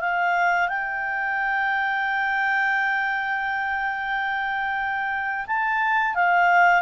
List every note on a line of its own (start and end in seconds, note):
0.00 0.68 F5
0.68 5.45 G5
5.46 6.15 A5
6.15 6.82 F5